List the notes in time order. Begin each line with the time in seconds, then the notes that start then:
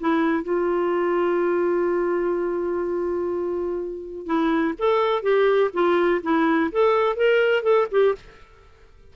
0.00 E4
0.43 F4
4.26 E4
4.78 A4
5.23 G4
5.73 F4
6.23 E4
6.72 A4
7.16 A#4
7.63 A4
7.91 G4